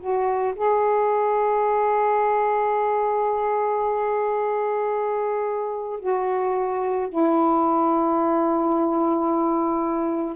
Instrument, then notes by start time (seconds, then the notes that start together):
saxophone
0.00 F#4
0.56 G#4
6.00 F#4
7.10 E4